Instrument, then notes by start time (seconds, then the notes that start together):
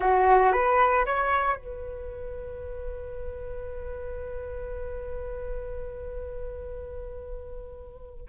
flute
0.00 F#4
0.52 B4
1.05 C#5
1.56 B4